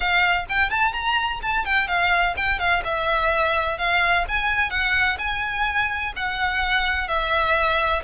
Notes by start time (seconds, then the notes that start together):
0.00 F5
0.49 G5
0.70 A5
0.92 A#5
1.42 A5
1.65 G5
1.87 F5
2.36 G5
2.59 F5
2.84 E5
3.78 F5
4.28 G#5
4.70 F#5
5.18 G#5
6.15 F#5
7.08 E5